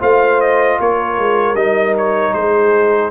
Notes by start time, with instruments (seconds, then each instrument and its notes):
0.00 tuba A3, trombone F4, horn C5, trumpet F5
0.41 trumpet D#5
0.79 tuba A#3, horn A#4, trumpet C#5
1.18 tuba G#3
1.54 tuba G3, trombone D#4, trumpet D#5
1.98 trumpet C#5
2.33 tuba G#3, horn G#4, trumpet C5